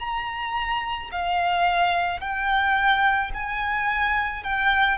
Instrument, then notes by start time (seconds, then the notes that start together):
violin
0.00 A#5
1.12 F5
2.21 G5
3.34 G#5
4.43 G5